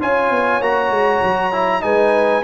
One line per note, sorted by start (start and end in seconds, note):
0.00 0.30 C#4
0.00 0.61 F4
0.00 1.84 C#5
0.00 0.62 G#5
0.30 0.60 B3
0.60 0.90 A#3
0.60 1.52 F#4
0.60 1.82 A#5
0.90 1.20 G#3
1.22 1.83 F#3
1.52 1.81 E4
1.81 2.43 G#3
1.81 2.42 D#4
1.81 2.43 B4
1.81 2.43 G#5